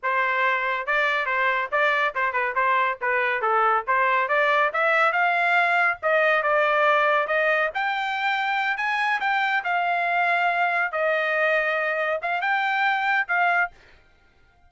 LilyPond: \new Staff \with { instrumentName = "trumpet" } { \time 4/4 \tempo 4 = 140 c''2 d''4 c''4 | d''4 c''8 b'8 c''4 b'4 | a'4 c''4 d''4 e''4 | f''2 dis''4 d''4~ |
d''4 dis''4 g''2~ | g''8 gis''4 g''4 f''4.~ | f''4. dis''2~ dis''8~ | dis''8 f''8 g''2 f''4 | }